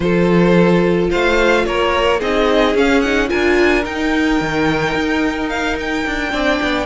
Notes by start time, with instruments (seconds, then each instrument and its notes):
0.00 cello F3, viola F4, violin A4 C5
1.10 cello A3, violin C5 F5
1.65 cello A#3, violin A#4 C#5
2.19 cello C4, viola D#4, violin G#4 D#5
2.75 cello C#4, viola C#4, violin F5
3.01 viola D#4, violin F#5
3.28 cello D4, viola F4, violin A#4 G#5
3.84 cello D#4, viola D#4, violin G5
4.41 cello D#3
4.94 cello D#4
5.49 violin F5
5.79 violin G5
6.06 cello D4
6.30 cello C4, viola D4, violin D5
6.62 cello B3